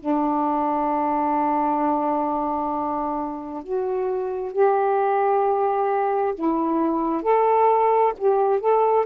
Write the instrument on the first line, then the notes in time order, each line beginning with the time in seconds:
saxophone
0.00 D4
3.64 F#4
4.53 G4
6.35 E4
7.23 A4
8.18 G4
8.60 A4